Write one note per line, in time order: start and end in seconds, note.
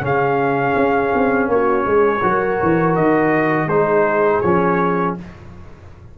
0.00 0.73 C#3
0.00 2.20 C#4
0.00 1.50 G#4
0.00 1.50 F5
0.76 1.12 C#4
1.14 1.48 C4
1.48 1.84 A#3
1.48 1.85 F#4
1.48 2.95 C#5
1.85 2.22 G#3
1.85 2.22 G#4
2.22 2.60 F#3
2.22 3.69 F#4
2.22 3.69 A#4
2.62 2.97 E3
2.95 3.66 D#3
2.95 3.68 D#5
3.66 4.39 G#3
3.66 4.43 D#4
3.66 5.18 G#4
3.66 4.40 C5
4.40 5.16 F3
4.40 5.18 C#4
4.40 5.14 C#5